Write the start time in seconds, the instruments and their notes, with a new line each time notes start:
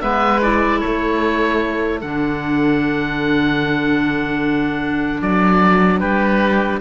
0.00 cello G#3, clarinet B3, oboe B4 E5
0.42 clarinet E4, oboe D5
0.80 cello A3, oboe A4 C#5
2.01 cello D3, clarinet D4, oboe F#5
5.22 cello F#3, oboe D5
5.99 cello G3, oboe G4 B4